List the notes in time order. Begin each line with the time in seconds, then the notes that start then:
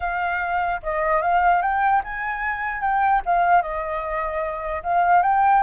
0.00 F5
0.82 D#5
1.21 F5
1.62 G5
2.04 G#5
2.81 G5
3.25 F5
3.62 D#5
4.83 F5
5.22 G5